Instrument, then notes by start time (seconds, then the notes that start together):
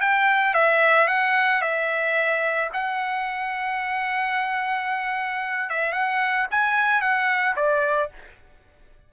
trumpet
0.00 G5
0.54 E5
1.07 F#5
1.61 E5
2.73 F#5
5.69 E5
5.92 F#5
6.50 G#5
7.01 F#5
7.56 D5